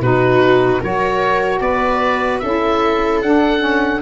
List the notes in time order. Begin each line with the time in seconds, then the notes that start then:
0.00 B2 D#4 F#4 B4
0.80 F#3 F#4 A#4 C#5
1.60 B3 B4 D5
2.39 C#4 E4 A4 E5
3.22 D4 F#5
3.58 C#4